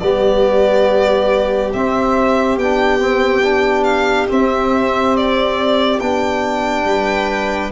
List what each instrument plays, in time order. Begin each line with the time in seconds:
0.00 tuba G3, trombone B3, viola G4, violin D5
1.74 tuba C4, trombone C4, violin E5
2.57 tuba B3, trombone D4, violin G5
3.00 trombone C4
3.44 trombone D4
3.84 violin F5
4.29 trombone C4, tuba C4, violin E5
5.17 violin D5
6.00 tuba B3, trombone D4, violin G5
6.85 tuba G3, viola B4